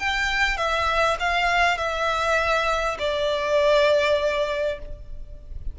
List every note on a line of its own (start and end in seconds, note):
0.00 0.58 G5
0.58 1.18 E5
1.20 1.78 F5
1.78 2.98 E5
2.99 4.79 D5